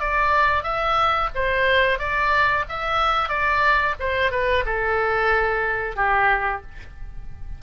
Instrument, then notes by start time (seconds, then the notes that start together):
oboe
0.00 D5
0.63 E5
1.35 C5
1.99 D5
2.69 E5
3.29 D5
4.00 C5
4.31 B4
4.65 A4
5.96 G4